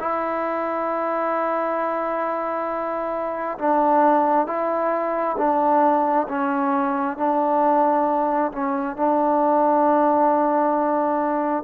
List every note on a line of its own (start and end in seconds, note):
0.00 3.58 E4
3.59 4.47 D4
4.47 5.36 E4
5.38 6.27 D4
6.29 7.18 C#4
7.18 8.52 D4
8.52 8.96 C#4
8.96 11.64 D4